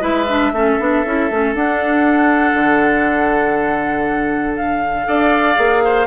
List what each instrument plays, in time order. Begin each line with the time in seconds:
0.00 bassoon G#3, clarinet E4, oboe B4, flute E5
0.28 clarinet D4
0.51 bassoon A3, clarinet C#4, oboe A4
0.79 bassoon B3, clarinet D4
1.05 bassoon C#4, clarinet E4
1.30 bassoon A3, clarinet C#4
1.54 bassoon D4, clarinet D4, flute F#5
2.53 bassoon D3
4.56 flute F5
5.05 bassoon D4, clarinet A4, oboe D5
5.55 bassoon A#3, clarinet G#4
5.84 oboe C5